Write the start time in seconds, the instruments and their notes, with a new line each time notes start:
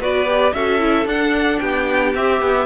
0.00 cello B3, viola F#4, violin B4 D5
0.26 viola G4
0.53 cello C#4, viola F#4, violin A4 E5
0.80 viola E4
1.06 cello D4, viola D4, violin F#5
1.60 cello B3, violin G4 G5
2.15 cello C4, viola G4, violin E5
2.42 cello B3